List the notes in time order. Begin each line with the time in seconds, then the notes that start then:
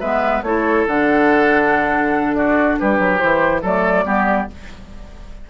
0.00 G#3 B3 B4 E5
0.42 A3 E4 A4 C#5
0.87 D3 D4 F#5
2.34 F#4 D5
2.79 G3 G4 B4
2.99 F#3
3.18 E3 E4 C5
3.62 F#3 A3 A4 D5
4.05 G3 B3 G4